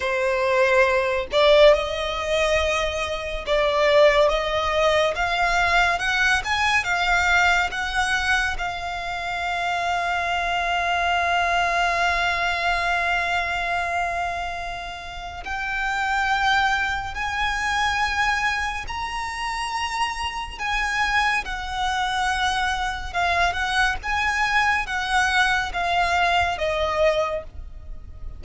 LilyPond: \new Staff \with { instrumentName = "violin" } { \time 4/4 \tempo 4 = 70 c''4. d''8 dis''2 | d''4 dis''4 f''4 fis''8 gis''8 | f''4 fis''4 f''2~ | f''1~ |
f''2 g''2 | gis''2 ais''2 | gis''4 fis''2 f''8 fis''8 | gis''4 fis''4 f''4 dis''4 | }